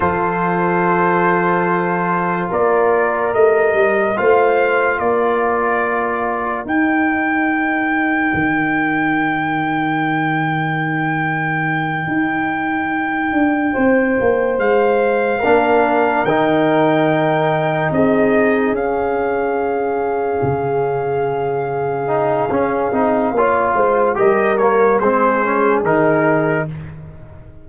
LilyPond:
<<
  \new Staff \with { instrumentName = "trumpet" } { \time 4/4 \tempo 4 = 72 c''2. d''4 | dis''4 f''4 d''2 | g''1~ | g''1~ |
g''4. f''2 g''8~ | g''4. dis''4 f''4.~ | f''1~ | f''4 dis''8 cis''8 c''4 ais'4 | }
  \new Staff \with { instrumentName = "horn" } { \time 4/4 a'2. ais'4~ | ais'4 c''4 ais'2~ | ais'1~ | ais'1~ |
ais'8 c''2 ais'4.~ | ais'4. gis'2~ gis'8~ | gis'1 | cis''8 c''8 ais'4 gis'2 | }
  \new Staff \with { instrumentName = "trombone" } { \time 4/4 f'1 | g'4 f'2. | dis'1~ | dis'1~ |
dis'2~ dis'8 d'4 dis'8~ | dis'2~ dis'8 cis'4.~ | cis'2~ cis'8 dis'8 cis'8 dis'8 | f'4 g'8 ais8 c'8 cis'8 dis'4 | }
  \new Staff \with { instrumentName = "tuba" } { \time 4/4 f2. ais4 | a8 g8 a4 ais2 | dis'2 dis2~ | dis2~ dis8 dis'4. |
d'8 c'8 ais8 gis4 ais4 dis8~ | dis4. c'4 cis'4.~ | cis'8 cis2~ cis8 cis'8 c'8 | ais8 gis8 g4 gis4 dis4 | }
>>